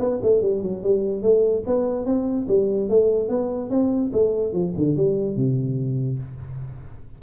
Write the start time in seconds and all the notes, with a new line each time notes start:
0.00 B3
0.23 A3
0.42 G3
0.63 F#3
0.84 G3
1.23 A3
1.67 B3
2.06 C4
2.49 G3
2.90 A3
3.29 B3
3.71 C4
4.13 A3
4.53 F3
4.77 D3
4.97 G3
5.37 C3